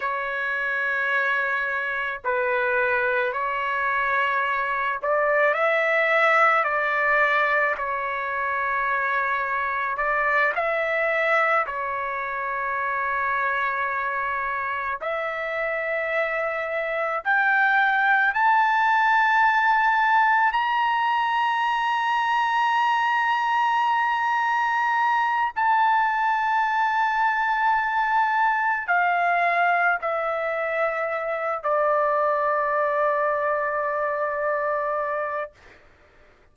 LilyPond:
\new Staff \with { instrumentName = "trumpet" } { \time 4/4 \tempo 4 = 54 cis''2 b'4 cis''4~ | cis''8 d''8 e''4 d''4 cis''4~ | cis''4 d''8 e''4 cis''4.~ | cis''4. e''2 g''8~ |
g''8 a''2 ais''4.~ | ais''2. a''4~ | a''2 f''4 e''4~ | e''8 d''2.~ d''8 | }